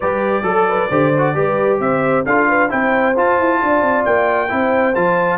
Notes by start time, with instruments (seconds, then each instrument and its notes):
0.00 tuba G3, trombone G4, horn B4, trumpet D5
0.42 tuba F#3, trombone A4, horn A4
0.68 horn B4
0.89 tuba D3, trombone G4, horn C5
1.18 trombone F#4
1.34 tuba G3, trombone G4, horn B4
1.79 tuba C4, horn C5, trumpet E5
2.25 tuba D4, trombone F4, horn A4, trumpet F5
2.48 horn B4
2.69 tuba C4, trombone E4, horn C5, trumpet G5
3.16 tuba F4, trombone F4, trumpet A5
3.39 tuba E4
3.60 tuba D4, horn D5
3.81 tuba C4
4.04 tuba A#3, trumpet G5
4.48 tuba C4, trombone E4, horn C5
4.94 tuba F3, trombone F4, trumpet A5